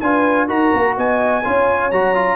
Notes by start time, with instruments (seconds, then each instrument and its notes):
0.00 tuba D4, trombone F4, horn B4, trumpet G#5
0.47 tuba D#4, trombone F#4, horn A#4, trumpet A#5
0.74 tuba A#3
0.97 tuba B3, horn D#5, trumpet G#5
1.43 tuba C#4, trombone F4, horn C#5
1.91 tuba F#3, trombone F#4, trumpet A#5
2.15 trombone F4